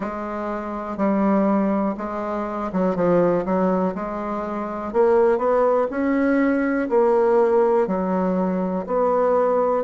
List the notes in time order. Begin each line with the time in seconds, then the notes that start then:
0.00 G#3
0.97 G3
1.97 G#3
2.72 F#3
2.95 F3
3.45 F#3
3.94 G#3
4.92 A#3
5.38 B3
5.90 C#4
6.89 A#3
7.87 F#3
8.86 B3